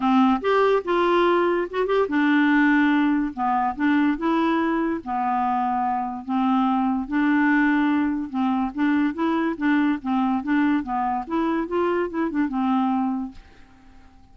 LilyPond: \new Staff \with { instrumentName = "clarinet" } { \time 4/4 \tempo 4 = 144 c'4 g'4 f'2 | fis'8 g'8 d'2. | b4 d'4 e'2 | b2. c'4~ |
c'4 d'2. | c'4 d'4 e'4 d'4 | c'4 d'4 b4 e'4 | f'4 e'8 d'8 c'2 | }